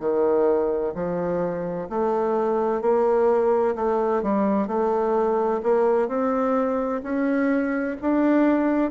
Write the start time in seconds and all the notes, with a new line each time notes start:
0.00 D#3
0.95 F3
1.90 A3
2.82 A#3
3.76 A3
4.23 G3
4.67 A3
5.63 A#3
6.08 C4
7.03 C#4
8.02 D4